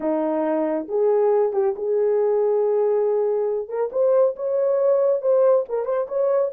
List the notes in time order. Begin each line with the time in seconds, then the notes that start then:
0.00 D#4
0.88 G#4
1.53 G4
1.75 G#4
3.68 A#4
3.92 C5
4.36 C#5
5.21 C5
5.68 A#4
5.85 C5
6.08 C#5